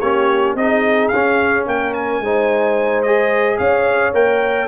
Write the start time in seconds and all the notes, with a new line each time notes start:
0.00 A#3 C#4 G4 C#5
0.54 C4 D#4 G#4 D#5
1.08 C#4 F5
1.15 C#4
1.66 A#3 A#4 G5
1.94 G#5
2.20 G#3 D#4 C5
3.02 G#4 D#5
3.58 C#4 C#5 F5
4.13 A#3 A#4 G5